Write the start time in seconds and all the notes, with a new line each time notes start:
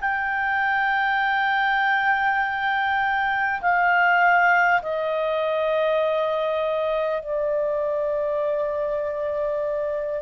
0.00 G5
3.61 F5
4.82 D#5
7.22 D5